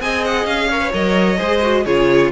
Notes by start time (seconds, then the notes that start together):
0.00 C4 G#4 D#5 G#5
0.25 F#5
0.45 C#4 F5
0.70 A#4 C#5
0.81 B4
0.93 F#3 A#4 D#5
1.38 G#3 G#4 C5
1.62 F#4
1.85 C#3 F4 G#4 C#5